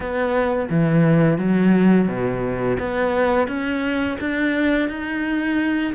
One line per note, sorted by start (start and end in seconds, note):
0.00 0.68 B3
0.70 1.38 E3
1.38 2.07 F#3
2.07 2.77 B2
2.79 3.47 B3
3.47 4.17 C#4
4.20 4.88 D4
4.88 5.93 D#4